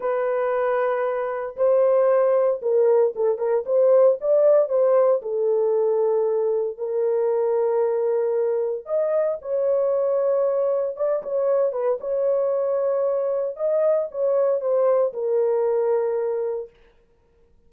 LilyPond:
\new Staff \with { instrumentName = "horn" } { \time 4/4 \tempo 4 = 115 b'2. c''4~ | c''4 ais'4 a'8 ais'8 c''4 | d''4 c''4 a'2~ | a'4 ais'2.~ |
ais'4 dis''4 cis''2~ | cis''4 d''8 cis''4 b'8 cis''4~ | cis''2 dis''4 cis''4 | c''4 ais'2. | }